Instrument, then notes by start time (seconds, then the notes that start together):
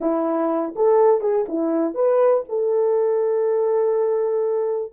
horn
0.00 E4
0.75 A4
1.20 G#4
1.48 E4
1.94 B4
2.48 A4